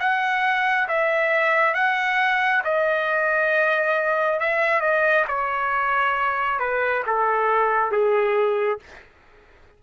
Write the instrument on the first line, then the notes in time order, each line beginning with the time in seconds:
trumpet
0.00 F#5
0.88 E5
1.74 F#5
2.64 D#5
4.40 E5
4.81 D#5
5.28 C#5
6.59 B4
7.07 A4
7.91 G#4